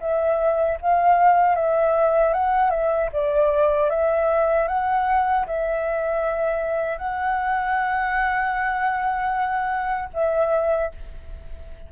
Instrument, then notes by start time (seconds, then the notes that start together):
flute
0.00 E5
0.81 F5
1.55 E5
2.33 F#5
2.70 E5
3.12 D5
3.90 E5
4.68 F#5
5.47 E5
6.97 F#5
10.13 E5